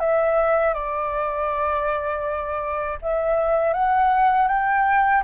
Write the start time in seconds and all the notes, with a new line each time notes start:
0.00 E5
0.74 D5
3.02 E5
3.74 F#5
4.48 G5